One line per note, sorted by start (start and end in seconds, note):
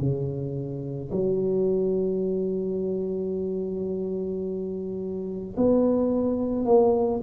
0.00 1.11 C#3
1.12 5.56 F#3
5.57 6.66 B3
6.66 7.21 A#3